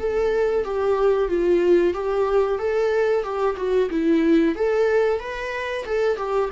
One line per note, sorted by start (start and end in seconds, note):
0.00 0.65 A4
0.65 1.29 G4
1.29 1.94 F4
1.94 2.59 G4
2.59 3.24 A4
3.24 3.56 G4
3.57 3.90 F#4
3.90 4.56 E4
4.56 5.20 A4
5.20 5.85 B4
5.85 6.17 A4
6.17 6.50 G4